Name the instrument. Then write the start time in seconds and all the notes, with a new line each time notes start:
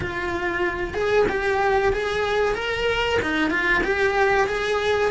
cello
0.00 F4
0.94 G#4
1.29 G4
1.92 G#4
2.54 A#4
3.22 D#4
3.50 F4
3.83 G4
4.47 G#4